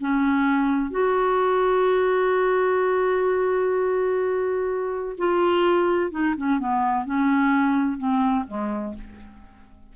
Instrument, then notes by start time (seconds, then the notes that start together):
clarinet
0.00 C#4
0.90 F#4
5.18 F4
6.11 D#4
6.37 C#4
6.59 B3
7.05 C#4
7.98 C4
8.47 G#3